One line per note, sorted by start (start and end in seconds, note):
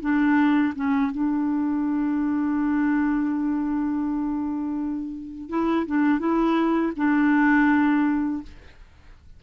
0.00 0.73 D4
0.75 1.11 C#4
1.11 5.49 D4
5.49 5.85 E4
5.86 6.19 D4
6.19 6.92 E4
6.96 8.42 D4